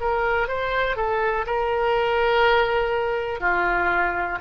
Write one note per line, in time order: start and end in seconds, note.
0.00 0.47 A#4
0.47 0.96 C5
0.96 1.45 A4
1.46 3.40 A#4
3.40 4.38 F4